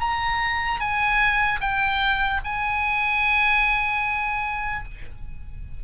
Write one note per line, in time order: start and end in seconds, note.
0.00 0.80 A#5
0.80 1.60 G#5
1.60 2.40 G5
2.44 4.84 G#5